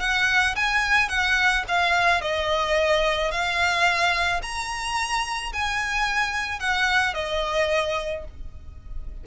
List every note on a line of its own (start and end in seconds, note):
0.00 0.55 F#5
0.56 1.09 G#5
1.09 1.64 F#5
1.68 2.21 F5
2.21 3.31 D#5
3.31 4.41 F5
4.42 5.52 A#5
5.53 6.59 G#5
6.59 7.14 F#5
7.14 8.24 D#5